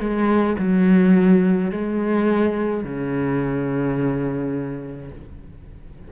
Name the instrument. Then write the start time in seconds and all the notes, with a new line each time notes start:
cello
0.00 G#3
0.59 F#3
1.71 G#3
2.84 C#3